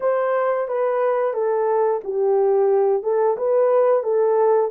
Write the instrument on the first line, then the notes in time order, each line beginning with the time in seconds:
horn
0.00 C5
0.68 B4
1.33 A4
2.03 G4
3.02 A4
3.37 B4
4.03 A4